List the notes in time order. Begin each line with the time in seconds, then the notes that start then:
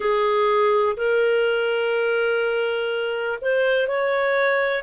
0.00 G#4
0.97 A#4
3.41 C5
3.87 C#5